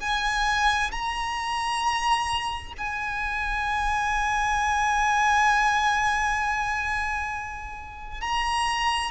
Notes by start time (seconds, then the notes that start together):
0.00 G#5
0.91 A#5
2.77 G#5
8.21 A#5